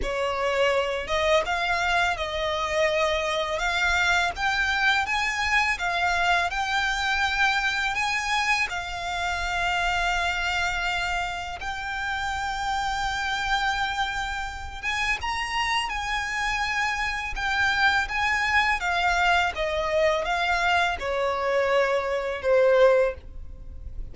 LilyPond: \new Staff \with { instrumentName = "violin" } { \time 4/4 \tempo 4 = 83 cis''4. dis''8 f''4 dis''4~ | dis''4 f''4 g''4 gis''4 | f''4 g''2 gis''4 | f''1 |
g''1~ | g''8 gis''8 ais''4 gis''2 | g''4 gis''4 f''4 dis''4 | f''4 cis''2 c''4 | }